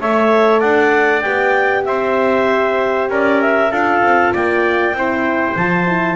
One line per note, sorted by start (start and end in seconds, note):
0.00 0.62 A3
0.00 1.23 A4
0.00 0.60 C#5
0.00 0.60 E5
0.60 1.24 D4
0.60 1.84 D5
0.60 1.21 F#5
1.21 1.86 B3
1.21 3.71 G4
1.21 1.83 G5
1.84 3.09 C4
1.84 3.10 C5
1.84 3.08 E5
3.09 3.71 C#4
3.09 3.71 A#4
3.09 3.41 D5
3.41 3.72 E5
3.71 4.02 D4
3.71 4.96 F4
3.71 4.33 A4
3.71 4.34 F5
4.02 4.33 C4
4.33 4.93 A#3
4.33 4.95 D5
4.33 5.57 G5
4.93 5.55 C4
4.93 5.57 E4
4.93 6.15 C5
5.56 6.15 F3
5.56 5.87 F4
5.56 6.15 A5
5.87 6.15 E4